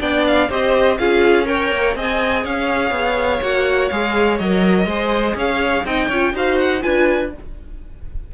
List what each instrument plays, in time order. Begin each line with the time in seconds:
0.00 cello B3, viola D4, violin D5 G5
0.27 violin F5
0.49 cello C4, viola G4, violin C5 D#5
0.98 cello C#4, viola F4, violin G#4 F5
1.46 viola A#4, violin C#5 G5
1.72 cello A#3
1.96 cello C4, viola G#4, violin D#5 G#5
2.44 cello C#4, violin C#5 F5
2.91 cello B3
3.42 cello A#3, viola F#4, violin F#5
3.89 cello G#3, viola G#4, violin F5
4.39 cello F#3, viola A#4, violin D#5
4.86 cello G#3, viola G#4, violin C5
5.35 cello C#4, violin C#5 F5
5.85 cello C4, viola D#4, violin D#5 G5
6.08 cello C#4, viola F4, violin C#5
6.34 cello D#4, viola F#4, violin C5 F5
6.59 violin F#5
6.81 cello D4, viola F4, violin B4 G#5